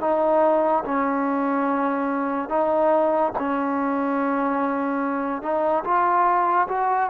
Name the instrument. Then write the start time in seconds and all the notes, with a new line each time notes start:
trombone
0.00 D#4
0.84 C#4
2.49 D#4
3.38 C#4
5.42 D#4
5.84 F4
6.68 F#4